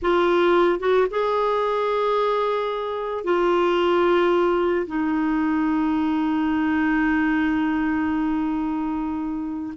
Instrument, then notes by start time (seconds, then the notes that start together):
clarinet
0.01 F4
0.79 F#4
1.10 G#4
3.24 F4
4.86 D#4